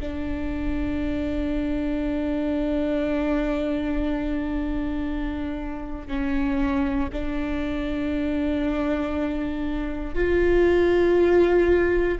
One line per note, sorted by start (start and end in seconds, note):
0.00 6.07 D4
6.07 7.09 C#4
7.12 10.15 D4
10.15 12.18 F4